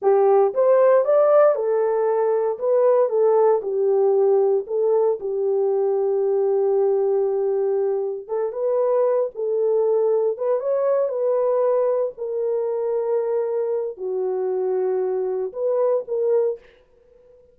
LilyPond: \new Staff \with { instrumentName = "horn" } { \time 4/4 \tempo 4 = 116 g'4 c''4 d''4 a'4~ | a'4 b'4 a'4 g'4~ | g'4 a'4 g'2~ | g'1 |
a'8 b'4. a'2 | b'8 cis''4 b'2 ais'8~ | ais'2. fis'4~ | fis'2 b'4 ais'4 | }